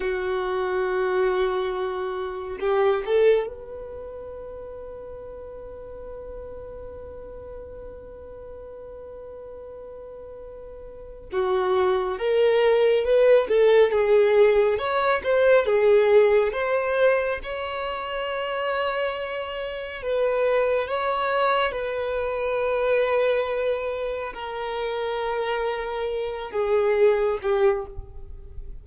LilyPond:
\new Staff \with { instrumentName = "violin" } { \time 4/4 \tempo 4 = 69 fis'2. g'8 a'8 | b'1~ | b'1~ | b'4 fis'4 ais'4 b'8 a'8 |
gis'4 cis''8 c''8 gis'4 c''4 | cis''2. b'4 | cis''4 b'2. | ais'2~ ais'8 gis'4 g'8 | }